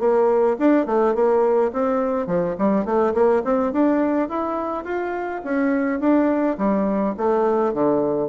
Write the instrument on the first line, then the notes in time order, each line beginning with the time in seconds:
bassoon
0.00 A#3
0.59 D4
0.86 A3
1.15 A#3
1.73 C4
2.27 F3
2.59 G3
2.85 A3
3.14 A#3
3.45 C4
3.73 D4
4.29 E4
4.85 F4
5.44 C#4
6.00 D4
6.58 G3
7.17 A3
7.74 D3